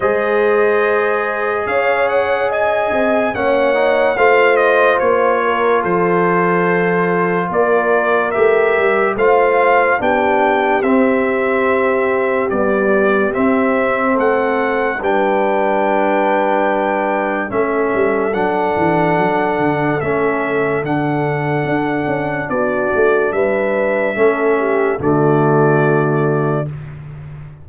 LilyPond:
<<
  \new Staff \with { instrumentName = "trumpet" } { \time 4/4 \tempo 4 = 72 dis''2 f''8 fis''8 gis''4 | fis''4 f''8 dis''8 cis''4 c''4~ | c''4 d''4 e''4 f''4 | g''4 e''2 d''4 |
e''4 fis''4 g''2~ | g''4 e''4 fis''2 | e''4 fis''2 d''4 | e''2 d''2 | }
  \new Staff \with { instrumentName = "horn" } { \time 4/4 c''2 cis''4 dis''4 | cis''4 c''4. ais'8 a'4~ | a'4 ais'2 c''4 | g'1~ |
g'4 a'4 b'2~ | b'4 a'2.~ | a'2. fis'4 | b'4 a'8 g'8 fis'2 | }
  \new Staff \with { instrumentName = "trombone" } { \time 4/4 gis'1 | cis'8 dis'8 f'2.~ | f'2 g'4 f'4 | d'4 c'2 g4 |
c'2 d'2~ | d'4 cis'4 d'2 | cis'4 d'2.~ | d'4 cis'4 a2 | }
  \new Staff \with { instrumentName = "tuba" } { \time 4/4 gis2 cis'4. c'8 | ais4 a4 ais4 f4~ | f4 ais4 a8 g8 a4 | b4 c'2 b4 |
c'4 a4 g2~ | g4 a8 g8 fis8 e8 fis8 d8 | a4 d4 d'8 cis'8 b8 a8 | g4 a4 d2 | }
>>